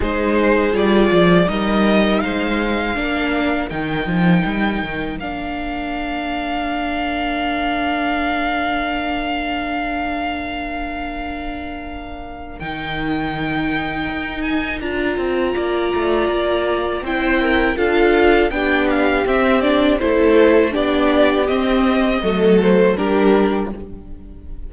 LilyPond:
<<
  \new Staff \with { instrumentName = "violin" } { \time 4/4 \tempo 4 = 81 c''4 d''4 dis''4 f''4~ | f''4 g''2 f''4~ | f''1~ | f''1~ |
f''4 g''2~ g''8 gis''8 | ais''2. g''4 | f''4 g''8 f''8 e''8 d''8 c''4 | d''4 dis''4. c''8 ais'4 | }
  \new Staff \with { instrumentName = "violin" } { \time 4/4 gis'2 ais'4 c''4 | ais'1~ | ais'1~ | ais'1~ |
ais'1~ | ais'4 d''2 c''8 ais'8 | a'4 g'2 a'4 | g'2 a'4 g'4 | }
  \new Staff \with { instrumentName = "viola" } { \time 4/4 dis'4 f'4 dis'2 | d'4 dis'2 d'4~ | d'1~ | d'1~ |
d'4 dis'2. | f'2. e'4 | f'4 d'4 c'8 d'8 e'4 | d'4 c'4 a4 d'4 | }
  \new Staff \with { instrumentName = "cello" } { \time 4/4 gis4 g8 f8 g4 gis4 | ais4 dis8 f8 g8 dis8 ais4~ | ais1~ | ais1~ |
ais4 dis2 dis'4 | d'8 c'8 ais8 a8 ais4 c'4 | d'4 b4 c'4 a4 | b4 c'4 fis4 g4 | }
>>